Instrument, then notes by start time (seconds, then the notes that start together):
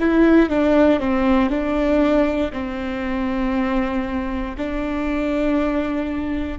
viola
0.00 E4
0.49 D4
1.00 C4
1.50 D4
2.52 C4
4.57 D4